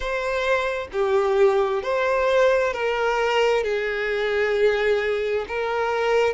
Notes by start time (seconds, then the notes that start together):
0.00 C5
0.92 G4
1.82 C5
2.73 A#4
3.63 G#4
5.48 A#4